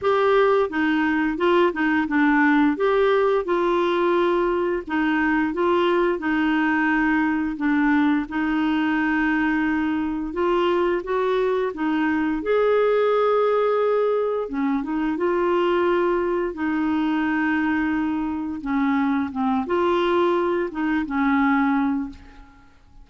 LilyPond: \new Staff \with { instrumentName = "clarinet" } { \time 4/4 \tempo 4 = 87 g'4 dis'4 f'8 dis'8 d'4 | g'4 f'2 dis'4 | f'4 dis'2 d'4 | dis'2. f'4 |
fis'4 dis'4 gis'2~ | gis'4 cis'8 dis'8 f'2 | dis'2. cis'4 | c'8 f'4. dis'8 cis'4. | }